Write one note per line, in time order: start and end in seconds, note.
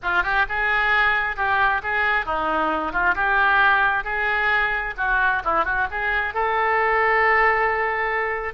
0.02 0.23 F4
0.23 0.45 G4
0.48 1.36 G#4
1.36 1.81 G4
1.82 2.25 G#4
2.25 2.92 D#4
2.92 3.14 F4
3.15 4.04 G4
4.04 4.94 G#4
4.97 5.42 F#4
5.44 5.64 E4
5.64 5.87 F#4
5.90 6.34 G#4
6.34 8.53 A4